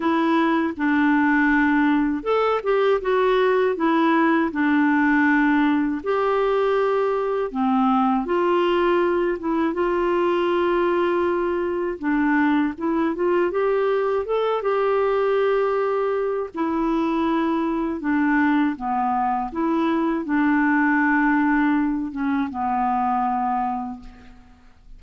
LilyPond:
\new Staff \with { instrumentName = "clarinet" } { \time 4/4 \tempo 4 = 80 e'4 d'2 a'8 g'8 | fis'4 e'4 d'2 | g'2 c'4 f'4~ | f'8 e'8 f'2. |
d'4 e'8 f'8 g'4 a'8 g'8~ | g'2 e'2 | d'4 b4 e'4 d'4~ | d'4. cis'8 b2 | }